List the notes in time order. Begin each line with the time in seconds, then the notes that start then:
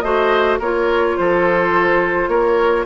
0.00 A3 F#4 C5 D#5
0.59 A#3 F4 A#4 C#5
1.16 F3 A4 C5
2.28 A#3 A#4 C#5